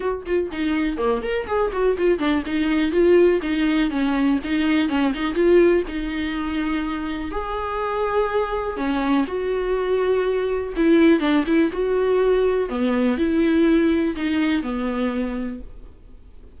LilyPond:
\new Staff \with { instrumentName = "viola" } { \time 4/4 \tempo 4 = 123 fis'8 f'8 dis'4 ais8 ais'8 gis'8 fis'8 | f'8 d'8 dis'4 f'4 dis'4 | cis'4 dis'4 cis'8 dis'8 f'4 | dis'2. gis'4~ |
gis'2 cis'4 fis'4~ | fis'2 e'4 d'8 e'8 | fis'2 b4 e'4~ | e'4 dis'4 b2 | }